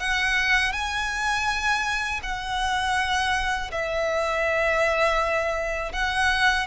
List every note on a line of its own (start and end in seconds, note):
0.00 0.73 F#5
0.73 2.21 G#5
2.23 3.71 F#5
3.72 5.93 E5
5.93 6.67 F#5